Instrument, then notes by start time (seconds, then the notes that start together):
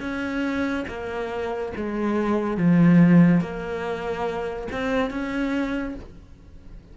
cello
0.00 C#4
0.88 A#3
1.76 G#3
2.57 F3
3.41 A#3
4.71 C4
5.10 C#4